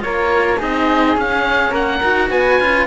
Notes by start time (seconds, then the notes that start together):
0.00 A#3 F4 A#4 C#5
0.58 C4 D#4 G#4 D#5
1.16 C#4 F5
1.71 A#3 A#4 F#5
2.03 D#4 F#4
2.30 B3 B4 G#5
2.61 C#4 F4